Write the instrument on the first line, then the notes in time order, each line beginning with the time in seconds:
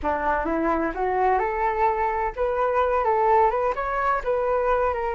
flute
0.02 D4
0.45 E4
0.94 F#4
1.38 A4
2.36 B4
3.04 A4
3.50 B4
3.75 C#5
4.24 B4
4.93 A#4